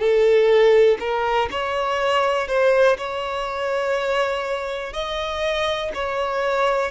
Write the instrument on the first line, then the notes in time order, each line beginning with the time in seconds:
violin
0.00 A4
1.00 A#4
1.51 C#5
2.49 C5
2.98 C#5
4.94 D#5
5.95 C#5